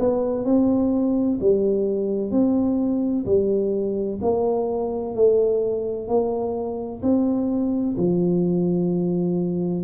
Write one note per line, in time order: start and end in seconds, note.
0.00 0.45 B3
0.45 1.39 C4
1.41 2.31 G3
2.31 3.25 C4
3.26 4.20 G3
4.22 5.15 A#3
5.15 6.08 A3
6.08 7.02 A#3
7.02 7.96 C4
7.97 9.84 F3